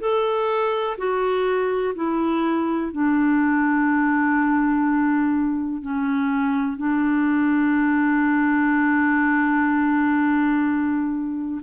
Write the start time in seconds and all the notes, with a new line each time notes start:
0.00 A4
0.97 F#4
1.95 E4
2.92 D4
5.82 C#4
6.77 D4